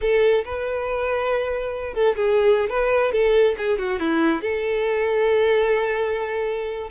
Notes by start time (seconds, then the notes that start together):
0.01 A4
0.44 B4
1.94 A4
2.16 G#4
2.69 B4
3.12 A4
3.57 G#4
3.78 F#4
3.99 E4
4.41 A4